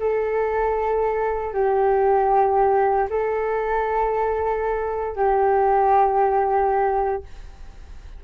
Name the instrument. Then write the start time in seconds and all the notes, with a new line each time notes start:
flute
0.00 A4
1.54 G4
3.10 A4
5.16 G4